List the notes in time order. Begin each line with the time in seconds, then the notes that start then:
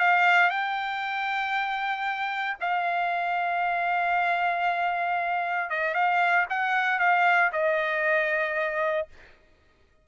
0.00 F5
0.50 G5
2.61 F5
5.70 D#5
5.95 F5
6.50 F#5
6.99 F5
7.53 D#5